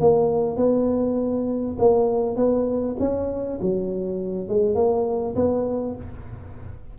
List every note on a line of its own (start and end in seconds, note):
0.00 0.56 A#3
0.56 1.76 B3
1.78 2.36 A#3
2.36 2.96 B3
2.99 3.59 C#4
3.61 4.48 F#3
4.48 4.75 G#3
4.75 5.35 A#3
5.35 5.95 B3